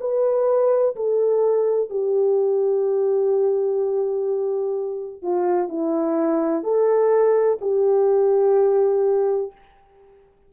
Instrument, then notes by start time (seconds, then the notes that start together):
horn
0.00 B4
0.96 A4
1.90 G4
5.23 F4
5.68 E4
6.63 A4
7.61 G4